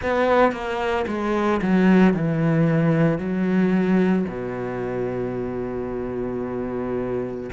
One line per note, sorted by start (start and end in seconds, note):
0.02 0.52 B3
0.52 1.05 A#3
1.07 1.60 G#3
1.62 2.13 F#3
2.13 3.18 E3
3.18 4.25 F#3
4.28 7.50 B2